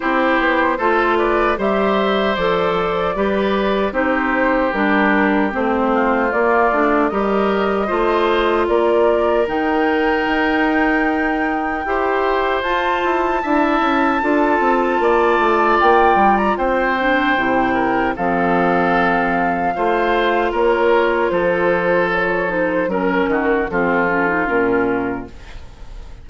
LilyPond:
<<
  \new Staff \with { instrumentName = "flute" } { \time 4/4 \tempo 4 = 76 c''4. d''8 e''4 d''4~ | d''4 c''4 ais'4 c''4 | d''4 dis''2 d''4 | g''1 |
a''1 | g''8. ais''16 g''2 f''4~ | f''2 cis''4 c''4 | cis''8 c''8 ais'4 a'4 ais'4 | }
  \new Staff \with { instrumentName = "oboe" } { \time 4/4 g'4 a'8 b'8 c''2 | b'4 g'2~ g'8 f'8~ | f'4 ais'4 c''4 ais'4~ | ais'2. c''4~ |
c''4 e''4 a'4 d''4~ | d''4 c''4. ais'8 a'4~ | a'4 c''4 ais'4 a'4~ | a'4 ais'8 fis'8 f'2 | }
  \new Staff \with { instrumentName = "clarinet" } { \time 4/4 e'4 f'4 g'4 a'4 | g'4 dis'4 d'4 c'4 | ais8 d'8 g'4 f'2 | dis'2. g'4 |
f'4 e'4 f'2~ | f'4. d'8 e'4 c'4~ | c'4 f'2.~ | f'8 dis'8 cis'4 c'8 cis'16 dis'16 cis'4 | }
  \new Staff \with { instrumentName = "bassoon" } { \time 4/4 c'8 b8 a4 g4 f4 | g4 c'4 g4 a4 | ais8 a8 g4 a4 ais4 | dis4 dis'2 e'4 |
f'8 e'8 d'8 cis'8 d'8 c'8 ais8 a8 | ais8 g8 c'4 c4 f4~ | f4 a4 ais4 f4~ | f4 fis8 dis8 f4 ais,4 | }
>>